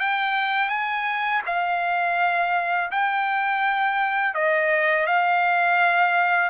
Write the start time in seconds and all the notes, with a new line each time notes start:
0.00 G5
0.70 G#5
1.46 F5
2.91 G5
4.35 D#5
5.07 F5